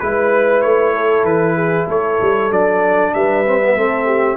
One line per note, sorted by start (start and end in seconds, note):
0.00 0.64 G#3
0.00 2.51 E4
0.00 0.62 B4
0.00 0.94 B4
0.62 1.24 A3
0.62 1.25 C#5
0.94 1.55 A4
1.24 1.86 E3
1.24 1.88 B4
1.55 1.87 G#4
1.87 2.19 A3
1.87 3.12 A4
1.87 2.52 C#5
2.22 2.51 G3
2.51 3.13 F#3
2.51 3.45 D4
2.51 3.14 D5
3.14 3.76 G3
3.14 3.77 B4
3.14 4.38 E5
3.45 3.61 C4
3.61 3.77 B3
3.76 4.38 A3
3.76 4.38 C4
3.76 4.06 A4
4.06 4.37 G4